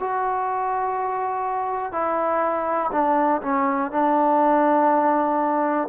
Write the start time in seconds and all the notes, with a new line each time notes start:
0.00 F#4
1.92 E4
2.92 D4
3.42 C#4
3.92 D4